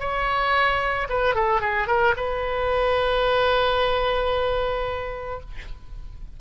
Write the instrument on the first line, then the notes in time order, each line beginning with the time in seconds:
oboe
0.00 C#5
1.10 B4
1.35 A4
1.61 G#4
1.88 A#4
2.17 B4